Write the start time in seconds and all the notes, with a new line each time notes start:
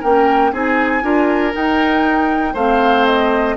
0.00 A#3 C#4 A#4 G5
0.52 C4 D#4 G#4 G#5
1.02 D4 F4 A#4
1.52 D#4 G5
2.53 A3 C4 C5 F5
3.06 D#5